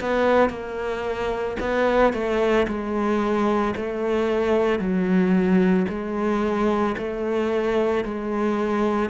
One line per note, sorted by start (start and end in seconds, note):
0.00 0.50 B3
0.50 1.57 A#3
1.60 2.13 B3
2.13 2.67 A3
2.67 3.75 G#3
3.76 4.79 A3
4.79 5.86 F#3
5.88 6.95 G#3
6.98 8.05 A3
8.05 9.10 G#3